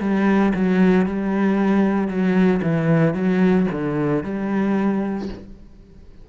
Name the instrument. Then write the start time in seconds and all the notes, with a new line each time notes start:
cello
0.00 G3
0.54 F#3
1.06 G3
2.08 F#3
2.62 E3
3.14 F#3
3.71 D3
4.23 G3